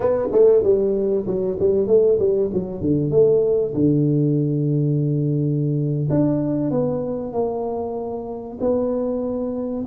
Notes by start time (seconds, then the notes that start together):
0.00 B3
0.32 A3
0.63 G3
1.26 F#3
1.59 G3
1.87 A3
2.19 G3
2.53 F#3
2.80 D3
3.10 A3
3.74 D3
6.10 D4
6.70 B3
7.33 A#3
8.60 B3